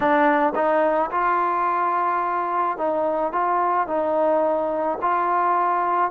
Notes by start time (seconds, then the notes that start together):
0.00 D4
0.55 D#4
1.11 F4
2.77 D#4
3.32 F4
3.87 D#4
5.02 F4